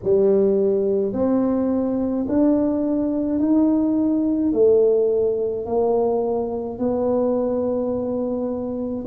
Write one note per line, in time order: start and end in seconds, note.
0.03 1.13 G3
1.13 2.26 C4
2.28 3.39 D4
3.39 4.52 D#4
4.52 5.66 A3
5.66 6.78 A#3
6.78 9.05 B3